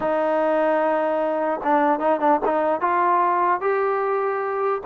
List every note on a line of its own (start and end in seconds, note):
0.00 1.60 D#4
1.63 1.99 D4
1.99 2.19 D#4
2.20 2.40 D4
2.45 2.80 D#4
2.80 3.60 F4
3.60 4.81 G4